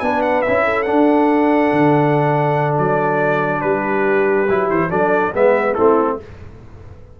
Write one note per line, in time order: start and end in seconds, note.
0.00 0.44 B3
0.00 0.45 D4
0.00 0.65 B4
0.00 0.21 G#5
0.22 0.42 F#5
0.42 0.90 C#4
0.42 0.86 E4
0.42 0.83 E5
0.65 3.62 A4
0.83 4.47 D4
0.83 2.74 F#5
0.90 1.72 D4
1.72 2.78 D3
2.78 3.63 F#3
2.78 3.61 D5
3.61 4.48 G3
3.61 4.91 G4
3.61 4.67 B4
4.49 4.70 F#3
4.49 4.90 E4
4.70 4.90 E3
4.70 4.91 C5
4.90 5.33 F#3
4.90 5.33 D4
4.90 5.33 A4
4.90 5.33 D5
5.34 5.77 G#3
5.34 5.77 B3
5.34 5.74 B4
5.34 5.74 E5
5.74 6.20 A3
5.74 6.20 C4
5.74 6.17 E4
5.74 6.17 A4